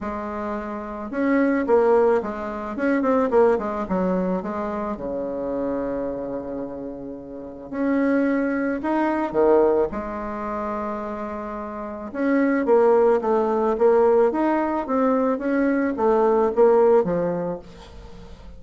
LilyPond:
\new Staff \with { instrumentName = "bassoon" } { \time 4/4 \tempo 4 = 109 gis2 cis'4 ais4 | gis4 cis'8 c'8 ais8 gis8 fis4 | gis4 cis2.~ | cis2 cis'2 |
dis'4 dis4 gis2~ | gis2 cis'4 ais4 | a4 ais4 dis'4 c'4 | cis'4 a4 ais4 f4 | }